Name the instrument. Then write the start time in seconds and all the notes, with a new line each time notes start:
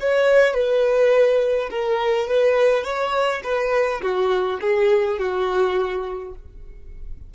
violin
0.00 C#5
0.54 B4
1.70 A#4
2.27 B4
2.84 C#5
3.44 B4
4.02 F#4
4.61 G#4
5.19 F#4